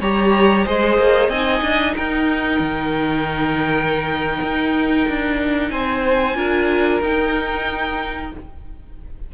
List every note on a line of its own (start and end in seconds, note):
0.00 0.65 G3
0.00 0.65 G4
0.00 0.65 C#5
0.00 0.67 A#5
0.65 0.97 G#3
0.65 1.30 G#4
0.65 1.29 C5
0.65 1.29 D#5
0.97 1.28 A#3
1.28 1.61 C4
1.28 6.35 D#4
1.28 1.94 D#5
1.28 1.94 G#5
1.62 1.94 D4
1.96 2.59 D#4
1.96 5.71 A#4
1.96 5.69 G5
2.59 4.39 D#3
4.42 5.07 D#4
5.08 5.70 D4
5.69 6.35 C4
5.69 6.36 C5
5.69 6.99 G#5
6.35 7.00 D4
6.35 7.00 F4
6.35 8.32 A#4
7.01 8.31 D#4
7.01 8.33 D#4
7.01 8.34 G5